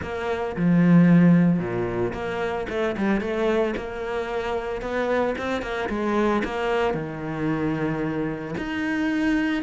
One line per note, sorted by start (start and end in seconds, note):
0.02 0.56 A#3
0.56 1.59 F3
1.59 2.13 A#2
2.13 2.66 A#3
2.69 2.96 A3
2.97 3.20 G3
3.20 3.74 A3
3.76 4.81 A#3
4.81 5.34 B3
5.38 5.62 C4
5.62 5.88 A#3
5.89 6.43 G#3
6.44 6.94 A#3
6.94 8.54 D#3
8.57 9.62 D#4